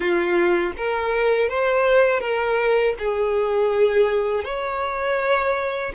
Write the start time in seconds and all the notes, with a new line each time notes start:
0.00 F4
0.77 A#4
1.48 C5
2.20 A#4
2.98 G#4
4.44 C#5